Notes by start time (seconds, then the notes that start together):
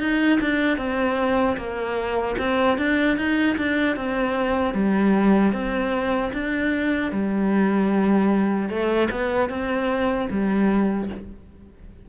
0.00 D#4
0.41 D4
0.78 C4
1.57 A#3
2.39 C4
2.78 D4
3.18 D#4
3.58 D4
3.97 C4
4.74 G3
5.53 C4
6.33 D4
7.12 G3
8.69 A3
9.11 B3
9.50 C4
10.30 G3